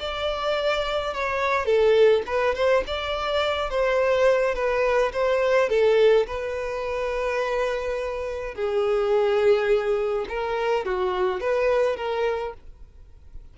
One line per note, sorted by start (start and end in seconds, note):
0.00 1.14 D5
1.14 1.66 C#5
1.66 2.23 A4
2.27 2.55 B4
2.55 2.84 C5
2.87 3.70 D5
3.70 4.55 C5
4.55 5.12 B4
5.13 5.70 C5
5.70 6.27 A4
6.27 8.55 B4
8.55 10.26 G#4
10.29 10.85 A#4
10.85 11.41 F#4
11.41 11.97 B4
11.97 12.54 A#4